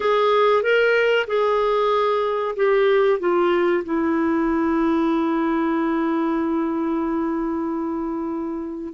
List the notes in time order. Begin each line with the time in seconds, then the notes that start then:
0.00 G#4
0.62 A#4
1.27 G#4
2.56 G4
3.19 F4
3.84 E4